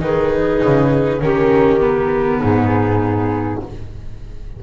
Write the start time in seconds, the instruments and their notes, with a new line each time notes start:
0.00 double bass D#3, viola D#4, clarinet G#4, flute B4
0.64 double bass C#3
1.21 double bass D#3, viola C#4, clarinet G4, flute A#4
1.80 viola B3
2.41 double bass G#2, clarinet D#4, flute G#4